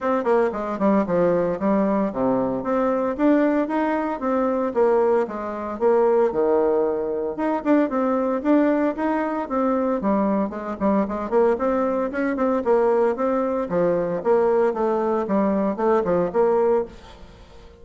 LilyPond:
\new Staff \with { instrumentName = "bassoon" } { \time 4/4 \tempo 4 = 114 c'8 ais8 gis8 g8 f4 g4 | c4 c'4 d'4 dis'4 | c'4 ais4 gis4 ais4 | dis2 dis'8 d'8 c'4 |
d'4 dis'4 c'4 g4 | gis8 g8 gis8 ais8 c'4 cis'8 c'8 | ais4 c'4 f4 ais4 | a4 g4 a8 f8 ais4 | }